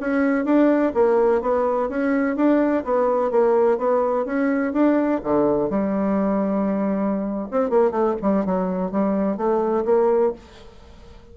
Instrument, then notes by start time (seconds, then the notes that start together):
bassoon
0.00 C#4
0.45 D4
0.94 A#3
1.41 B3
1.89 C#4
2.36 D4
2.84 B3
3.31 A#3
3.78 B3
4.25 C#4
4.73 D4
5.23 D3
5.69 G3
7.51 C4
7.69 A#3
7.91 A3
8.22 G3
8.45 F#3
8.92 G3
9.37 A3
9.85 A#3